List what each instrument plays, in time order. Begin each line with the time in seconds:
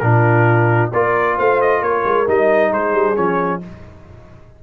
0.00 tuba A#2, trombone D4, horn F4, trumpet A#4
0.92 tuba A#3, trombone F4, horn A#4, trumpet D5
1.37 tuba A3, horn C5, trumpet F5
1.61 trumpet D#5
1.82 tuba A#3, horn A#4, trumpet C#5
2.05 tuba G#3
2.27 tuba G3, trombone D#4, trumpet D#5
2.71 tuba G#3, horn G#4, trumpet C5
2.94 tuba G3
3.16 tuba F3, trombone C#4, trumpet C#5